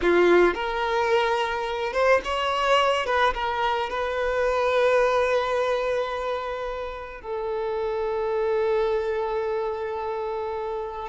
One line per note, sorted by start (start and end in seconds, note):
0.01 0.54 F4
0.54 1.93 A#4
1.93 2.20 C5
2.24 3.06 C#5
3.06 3.33 B4
3.33 3.89 A#4
3.89 7.21 B4
7.21 11.08 A4